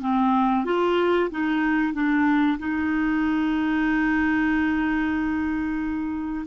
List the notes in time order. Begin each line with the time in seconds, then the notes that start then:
0.00 C4
0.65 F4
1.30 D#4
1.93 D4
2.58 D#4